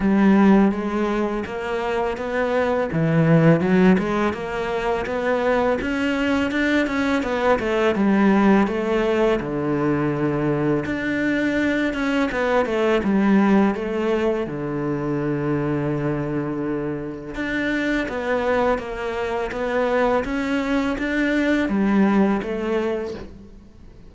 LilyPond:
\new Staff \with { instrumentName = "cello" } { \time 4/4 \tempo 4 = 83 g4 gis4 ais4 b4 | e4 fis8 gis8 ais4 b4 | cis'4 d'8 cis'8 b8 a8 g4 | a4 d2 d'4~ |
d'8 cis'8 b8 a8 g4 a4 | d1 | d'4 b4 ais4 b4 | cis'4 d'4 g4 a4 | }